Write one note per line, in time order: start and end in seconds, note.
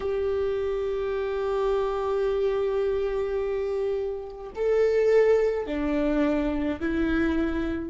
0.00 4.51 G4
4.55 5.66 A4
5.66 6.79 D4
6.80 7.90 E4